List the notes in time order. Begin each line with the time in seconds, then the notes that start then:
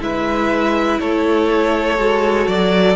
0.00 G#3 E4 B4 E5
1.00 A3 A4 C#5
1.98 G#3 F#4
2.47 F#3 D5